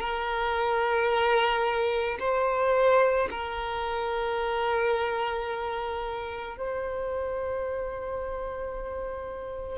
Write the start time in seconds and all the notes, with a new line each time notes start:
0.00 A#4
2.20 C5
3.31 A#4
6.58 C5